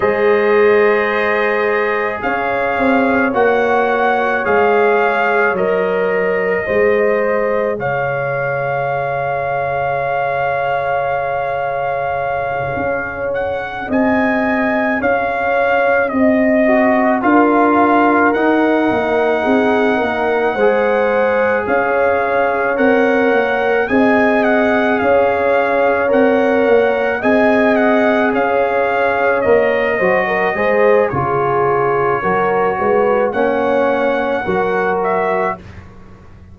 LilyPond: <<
  \new Staff \with { instrumentName = "trumpet" } { \time 4/4 \tempo 4 = 54 dis''2 f''4 fis''4 | f''4 dis''2 f''4~ | f''1 | fis''8 gis''4 f''4 dis''4 f''8~ |
f''8 fis''2. f''8~ | f''8 fis''4 gis''8 fis''8 f''4 fis''8~ | fis''8 gis''8 fis''8 f''4 dis''4. | cis''2 fis''4. e''8 | }
  \new Staff \with { instrumentName = "horn" } { \time 4/4 c''2 cis''2~ | cis''2 c''4 cis''4~ | cis''1~ | cis''8 dis''4 cis''4 dis''4 ais'8~ |
ais'4. gis'8 ais'8 c''4 cis''8~ | cis''4. dis''4 cis''4.~ | cis''8 dis''4 cis''4. c''16 ais'16 c''8 | gis'4 ais'8 b'8 cis''4 ais'4 | }
  \new Staff \with { instrumentName = "trombone" } { \time 4/4 gis'2. fis'4 | gis'4 ais'4 gis'2~ | gis'1~ | gis'2. fis'8 f'8~ |
f'8 dis'2 gis'4.~ | gis'8 ais'4 gis'2 ais'8~ | ais'8 gis'2 ais'8 fis'8 gis'8 | f'4 fis'4 cis'4 fis'4 | }
  \new Staff \with { instrumentName = "tuba" } { \time 4/4 gis2 cis'8 c'8 ais4 | gis4 fis4 gis4 cis4~ | cis2.~ cis8 cis'8~ | cis'8 c'4 cis'4 c'4 d'8~ |
d'8 dis'8 ais8 c'8 ais8 gis4 cis'8~ | cis'8 c'8 ais8 c'4 cis'4 c'8 | ais8 c'4 cis'4 ais8 fis8 gis8 | cis4 fis8 gis8 ais4 fis4 | }
>>